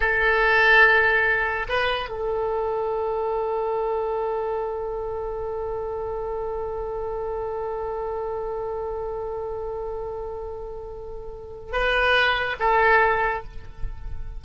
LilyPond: \new Staff \with { instrumentName = "oboe" } { \time 4/4 \tempo 4 = 143 a'1 | b'4 a'2.~ | a'1~ | a'1~ |
a'1~ | a'1~ | a'1 | b'2 a'2 | }